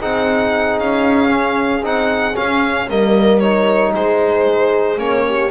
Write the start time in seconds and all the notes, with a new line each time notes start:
0.00 C4 D#4 G#4 F#5
0.79 C#4 F5
1.29 C#4
1.83 C4 D#4 F#5
2.34 C#4 F5
2.89 G3 A#3 A#4 D#5
3.40 D#4 C#5
3.94 G#3 G#4 C5
4.98 A#3 C#4 C#5
5.28 G4